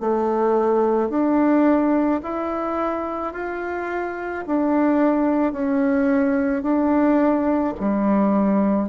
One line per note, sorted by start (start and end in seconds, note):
0.00 1.09 A3
1.09 2.20 D4
2.23 3.33 E4
3.33 4.44 F4
4.46 5.53 D4
5.53 6.63 C#4
6.63 7.74 D4
7.80 8.89 G3